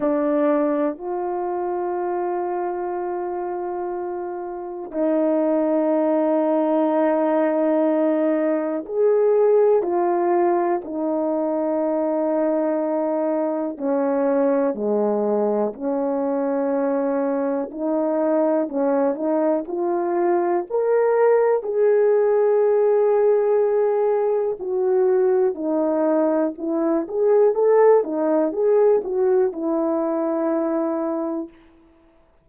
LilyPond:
\new Staff \with { instrumentName = "horn" } { \time 4/4 \tempo 4 = 61 d'4 f'2.~ | f'4 dis'2.~ | dis'4 gis'4 f'4 dis'4~ | dis'2 cis'4 gis4 |
cis'2 dis'4 cis'8 dis'8 | f'4 ais'4 gis'2~ | gis'4 fis'4 dis'4 e'8 gis'8 | a'8 dis'8 gis'8 fis'8 e'2 | }